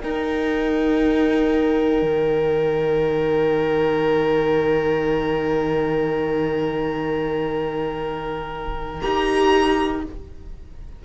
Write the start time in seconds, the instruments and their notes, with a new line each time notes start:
0.00 viola D#4, cello D#4, violin A#4 G5
2.02 cello D#3
9.01 cello D#4, viola G4, violin A#5